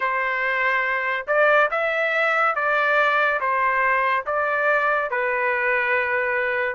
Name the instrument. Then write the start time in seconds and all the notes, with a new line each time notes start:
trumpet
0.00 C5
1.27 D5
1.70 E5
2.55 D5
3.40 C5
4.26 D5
5.10 B4